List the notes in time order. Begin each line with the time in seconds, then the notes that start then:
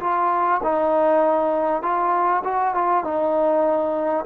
0.00 F4
0.63 D#4
1.82 F4
2.44 F#4
2.74 F4
3.04 D#4